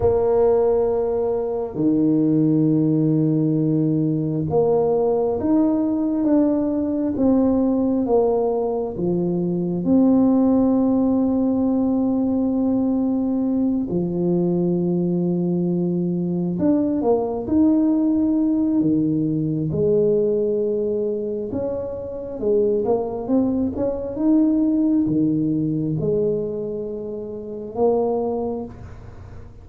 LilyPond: \new Staff \with { instrumentName = "tuba" } { \time 4/4 \tempo 4 = 67 ais2 dis2~ | dis4 ais4 dis'4 d'4 | c'4 ais4 f4 c'4~ | c'2.~ c'8 f8~ |
f2~ f8 d'8 ais8 dis'8~ | dis'4 dis4 gis2 | cis'4 gis8 ais8 c'8 cis'8 dis'4 | dis4 gis2 ais4 | }